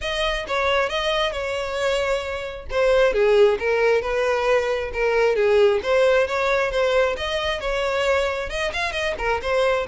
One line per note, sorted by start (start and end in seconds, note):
0.01 0.46 D#5
0.47 0.89 C#5
0.89 1.31 D#5
1.31 2.66 C#5
2.70 3.13 C5
3.13 3.58 G#4
3.59 4.01 A#4
4.01 4.91 B4
4.93 5.35 A#4
5.35 5.80 G#4
5.82 6.27 C5
6.27 6.71 C#5
6.71 7.16 C5
7.16 7.60 D#5
7.60 8.49 C#5
8.49 8.72 D#5
8.73 8.92 F5
8.92 9.14 D#5
9.18 9.41 A#4
9.42 9.86 C5